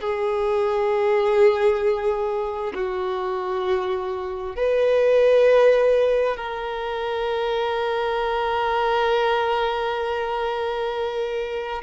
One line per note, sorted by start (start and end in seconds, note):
0.00 2.73 G#4
2.74 4.55 F#4
4.55 6.36 B4
6.36 11.82 A#4